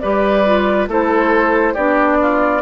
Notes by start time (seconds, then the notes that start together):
0.00 G3 G4 B4 D5
0.46 F4
0.88 A3 E4 A4 C5
1.74 B3 D4 G4 D5
2.22 F4